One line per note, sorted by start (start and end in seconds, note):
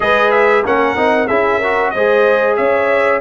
0.00 0.63 G#3
0.00 0.64 G#4
0.00 0.64 B4
0.00 0.31 D#5
0.31 0.63 E5
0.64 0.96 A#3
0.64 0.96 C#4
0.64 1.28 A#4
0.64 1.27 F#5
0.96 1.28 C4
0.96 1.28 D#4
1.27 1.94 C#4
1.27 1.61 E4
1.27 1.58 G#4
1.27 1.90 E5
1.58 1.95 F#4
1.58 1.90 A#4
1.90 2.58 G#3
1.90 3.21 G#4
1.90 2.56 C5
1.90 2.55 D#5
2.56 3.21 C#4
2.56 3.21 C#5
2.56 3.21 E5